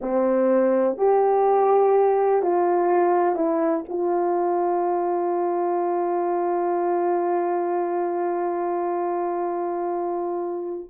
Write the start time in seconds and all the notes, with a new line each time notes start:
0.00 C4
0.97 G4
2.42 F4
3.35 E4
3.88 F4